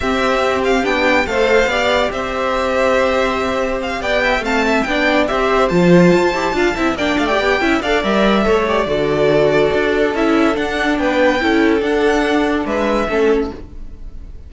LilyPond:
<<
  \new Staff \with { instrumentName = "violin" } { \time 4/4 \tempo 4 = 142 e''4. f''8 g''4 f''4~ | f''4 e''2.~ | e''4 f''8 g''4 a''4 g''8~ | g''8 e''4 a''2~ a''8~ |
a''8 g''8 f''16 g''4~ g''16 f''8 e''4~ | e''8 d''2.~ d''8 | e''4 fis''4 g''2 | fis''2 e''2 | }
  \new Staff \with { instrumentName = "violin" } { \time 4/4 g'2. c''4 | d''4 c''2.~ | c''4. d''8 e''8 f''8 e''8 d''8~ | d''8 c''2. f''8 |
e''8 d''4. e''8 d''4. | cis''4 a'2.~ | a'2 b'4 a'4~ | a'2 b'4 a'4 | }
  \new Staff \with { instrumentName = "viola" } { \time 4/4 c'2 d'4 a'4 | g'1~ | g'2~ g'8 c'4 d'8~ | d'8 g'4 f'4. g'8 f'8 |
e'8 d'8. g'8. e'8 a'8 ais'4 | a'8 g'8 fis'2. | e'4 d'2 e'4 | d'2. cis'4 | }
  \new Staff \with { instrumentName = "cello" } { \time 4/4 c'2 b4 a4 | b4 c'2.~ | c'4. b4 a4 b8~ | b8 c'4 f4 f'8 e'8 d'8 |
c'8 ais8 a8 b8 cis'8 d'8 g4 | a4 d2 d'4 | cis'4 d'4 b4 cis'4 | d'2 gis4 a4 | }
>>